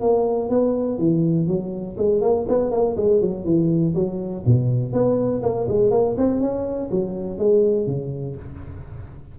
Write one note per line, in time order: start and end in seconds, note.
0.00 0.49 A#3
0.49 0.98 B3
0.98 1.47 E3
1.47 1.96 F#3
1.97 2.21 G#3
2.21 2.45 A#3
2.48 2.71 B3
2.71 2.95 A#3
2.96 3.21 G#3
3.21 3.44 F#3
3.44 3.93 E3
3.94 4.43 F#3
4.45 4.92 B2
4.92 5.41 B3
5.42 5.67 A#3
5.68 5.90 G#3
5.90 6.15 A#3
6.17 6.40 C4
6.40 6.89 C#4
6.91 7.38 F#3
7.38 7.86 G#3
7.86 8.35 C#3